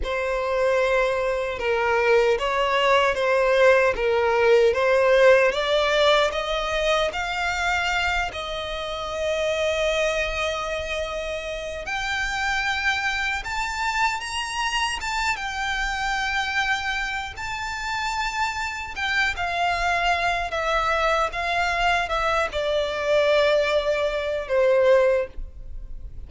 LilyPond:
\new Staff \with { instrumentName = "violin" } { \time 4/4 \tempo 4 = 76 c''2 ais'4 cis''4 | c''4 ais'4 c''4 d''4 | dis''4 f''4. dis''4.~ | dis''2. g''4~ |
g''4 a''4 ais''4 a''8 g''8~ | g''2 a''2 | g''8 f''4. e''4 f''4 | e''8 d''2~ d''8 c''4 | }